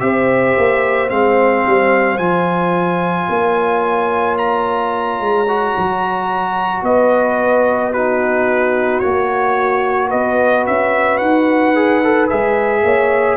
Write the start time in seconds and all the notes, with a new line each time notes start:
0.00 C4 G4 C5 E5
0.57 A#3
1.09 G#3 C4 F5
1.67 G3
2.18 F3 F4 G#5
3.29 A#3 C#5
4.38 A#5
5.20 G#3
5.48 F#4
5.77 F#3
6.82 B3 B4 D#5
7.92 D#4 F#4 B4
9.00 A#3 F#4 C#5
10.08 B3 B4 D#5
10.66 C#4 E5
11.17 D#4 F#5
11.75 G#4
12.04 A4
12.30 G#3 G#4 E5
12.83 A#3 C#5